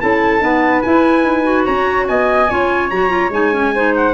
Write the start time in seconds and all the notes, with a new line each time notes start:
0.00 C#4 E4 A4 A5
0.40 B3 D#4 B4
0.82 E4 G#5
1.24 D#4
1.43 F#4
1.65 C#4 C#5 A#5
2.07 B3 D#5 G#5
2.49 C#4 F4 C#5
2.89 F#3 F#4 A#5
3.09 F4
3.29 G#3 D#4 G#5
3.52 C#4
3.74 D#4 C5
3.96 F#5